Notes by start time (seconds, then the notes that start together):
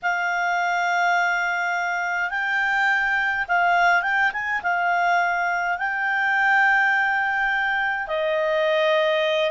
0.02 F5
2.30 G5
3.48 F5
4.02 G5
4.33 G#5
4.63 F5
5.78 G5
8.07 D#5